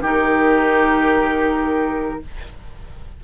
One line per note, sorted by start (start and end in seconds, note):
0.00 2.18 D#3
0.00 2.22 D#4
0.00 2.20 G4
0.00 2.24 A#4